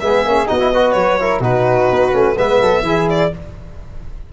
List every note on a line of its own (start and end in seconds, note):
0.00 0.25 G#3
0.00 0.26 B3
0.00 0.49 G#4
0.00 0.47 E5
0.25 0.49 A#3
0.25 0.47 C#4
0.47 0.95 B3
0.47 0.58 D#4
0.47 0.72 F#4
0.47 0.92 D#5
0.60 0.72 E4
0.73 1.20 F#4
0.73 1.20 B4
0.92 1.40 F#3
0.92 1.39 C#5
1.20 1.42 E4
1.20 1.40 A#4
1.40 1.87 B2
1.40 2.12 D#4
1.40 2.35 F#4
1.40 2.38 B4
1.91 2.13 B3
2.12 2.37 A3
2.12 2.36 C#4
2.37 2.61 G#3
2.37 2.84 B3
2.37 2.60 B4
2.37 3.09 E5
2.61 2.82 F#3
2.61 2.84 A4
2.82 3.29 E3
2.82 3.31 E4
2.82 3.32 G#4
3.10 3.33 D5